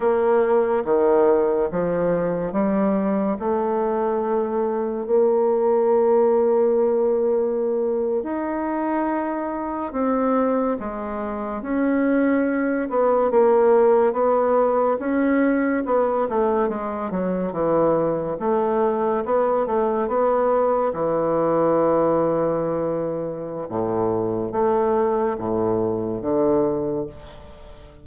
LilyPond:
\new Staff \with { instrumentName = "bassoon" } { \time 4/4 \tempo 4 = 71 ais4 dis4 f4 g4 | a2 ais2~ | ais4.~ ais16 dis'2 c'16~ | c'8. gis4 cis'4. b8 ais16~ |
ais8. b4 cis'4 b8 a8 gis16~ | gis16 fis8 e4 a4 b8 a8 b16~ | b8. e2.~ e16 | a,4 a4 a,4 d4 | }